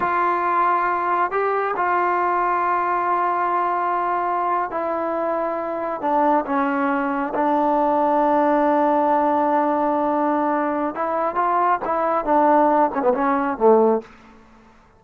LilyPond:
\new Staff \with { instrumentName = "trombone" } { \time 4/4 \tempo 4 = 137 f'2. g'4 | f'1~ | f'2~ f'8. e'4~ e'16~ | e'4.~ e'16 d'4 cis'4~ cis'16~ |
cis'8. d'2.~ d'16~ | d'1~ | d'4 e'4 f'4 e'4 | d'4. cis'16 b16 cis'4 a4 | }